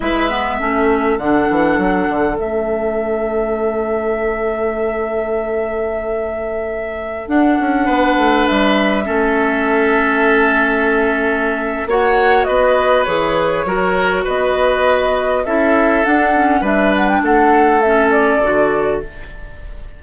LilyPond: <<
  \new Staff \with { instrumentName = "flute" } { \time 4/4 \tempo 4 = 101 e''2 fis''2 | e''1~ | e''1~ | e''16 fis''2 e''4.~ e''16~ |
e''1 | fis''4 dis''4 cis''2 | dis''2 e''4 fis''4 | e''8 fis''16 g''16 fis''4 e''8 d''4. | }
  \new Staff \with { instrumentName = "oboe" } { \time 4/4 b'4 a'2.~ | a'1~ | a'1~ | a'4~ a'16 b'2 a'8.~ |
a'1 | cis''4 b'2 ais'4 | b'2 a'2 | b'4 a'2. | }
  \new Staff \with { instrumentName = "clarinet" } { \time 4/4 e'8 b8 cis'4 d'2 | cis'1~ | cis'1~ | cis'16 d'2. cis'8.~ |
cis'1 | fis'2 gis'4 fis'4~ | fis'2 e'4 d'8 cis'8 | d'2 cis'4 fis'4 | }
  \new Staff \with { instrumentName = "bassoon" } { \time 4/4 gis4 a4 d8 e8 fis8 d8 | a1~ | a1~ | a16 d'8 cis'8 b8 a8 g4 a8.~ |
a1 | ais4 b4 e4 fis4 | b2 cis'4 d'4 | g4 a2 d4 | }
>>